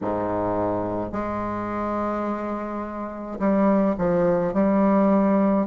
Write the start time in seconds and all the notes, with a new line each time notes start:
0.01 G#2
1.12 G#3
3.39 G3
3.98 F3
4.53 G3